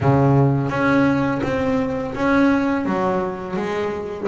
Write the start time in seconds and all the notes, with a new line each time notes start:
0.01 C#3
0.69 C#4
1.43 C4
2.14 C#4
2.85 F#3
3.56 G#3